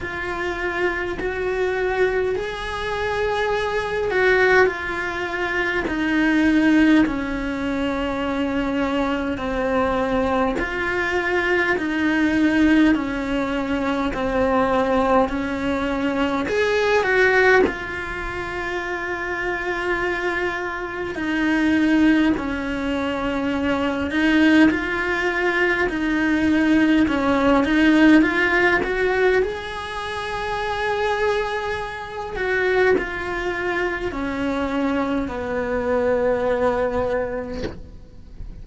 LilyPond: \new Staff \with { instrumentName = "cello" } { \time 4/4 \tempo 4 = 51 f'4 fis'4 gis'4. fis'8 | f'4 dis'4 cis'2 | c'4 f'4 dis'4 cis'4 | c'4 cis'4 gis'8 fis'8 f'4~ |
f'2 dis'4 cis'4~ | cis'8 dis'8 f'4 dis'4 cis'8 dis'8 | f'8 fis'8 gis'2~ gis'8 fis'8 | f'4 cis'4 b2 | }